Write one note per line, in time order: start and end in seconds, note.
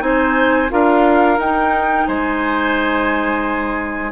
0.00 0.70 C4
0.00 0.68 D#4
0.00 0.72 C5
0.00 0.70 G#5
0.70 1.39 D4
0.70 1.38 F4
0.70 2.08 A#4
0.70 1.40 F5
1.39 2.07 D#4
1.39 4.12 D#4
1.39 2.08 G5
2.08 4.12 G#3
2.08 4.12 C5
2.08 4.12 G#5